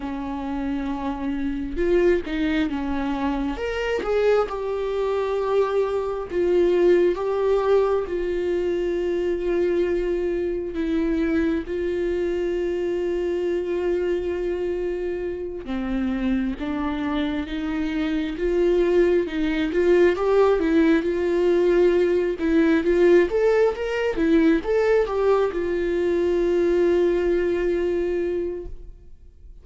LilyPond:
\new Staff \with { instrumentName = "viola" } { \time 4/4 \tempo 4 = 67 cis'2 f'8 dis'8 cis'4 | ais'8 gis'8 g'2 f'4 | g'4 f'2. | e'4 f'2.~ |
f'4. c'4 d'4 dis'8~ | dis'8 f'4 dis'8 f'8 g'8 e'8 f'8~ | f'4 e'8 f'8 a'8 ais'8 e'8 a'8 | g'8 f'2.~ f'8 | }